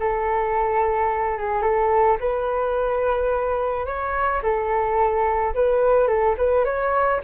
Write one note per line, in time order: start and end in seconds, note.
0.00 1.38 A4
1.38 1.62 G#4
1.62 2.18 A4
2.21 3.87 B4
3.87 4.42 C#5
4.43 5.55 A4
5.55 6.08 B4
6.08 6.36 A4
6.38 6.65 B4
6.65 7.21 C#5